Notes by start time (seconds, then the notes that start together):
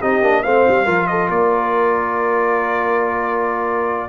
0.00 C4 D#4 G4 D#5
0.22 A#3 D4
0.43 A3 C4 C5 F5
0.69 G3
0.85 F3 F4 A#4
1.08 A4 D#5
1.29 A#3 A#4 D5